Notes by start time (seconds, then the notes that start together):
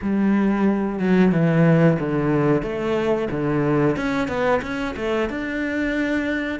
0.02 G3
0.99 F#3
1.32 E3
1.99 D3
2.62 A3
3.30 D3
3.96 C#4
4.28 B3
4.62 C#4
4.96 A3
5.29 D4